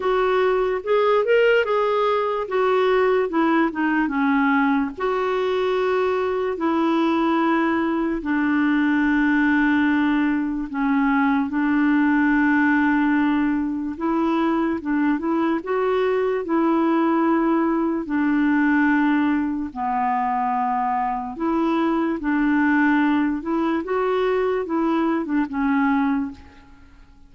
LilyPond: \new Staff \with { instrumentName = "clarinet" } { \time 4/4 \tempo 4 = 73 fis'4 gis'8 ais'8 gis'4 fis'4 | e'8 dis'8 cis'4 fis'2 | e'2 d'2~ | d'4 cis'4 d'2~ |
d'4 e'4 d'8 e'8 fis'4 | e'2 d'2 | b2 e'4 d'4~ | d'8 e'8 fis'4 e'8. d'16 cis'4 | }